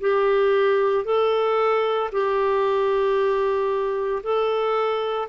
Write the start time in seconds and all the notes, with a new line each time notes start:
0.00 G4
1.04 A4
2.11 G4
4.23 A4